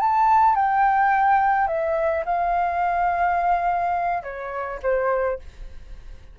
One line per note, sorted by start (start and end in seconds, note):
0.00 0.56 A5
0.56 1.68 G5
1.68 2.24 E5
2.26 4.23 F5
4.23 4.80 C#5
4.83 5.39 C5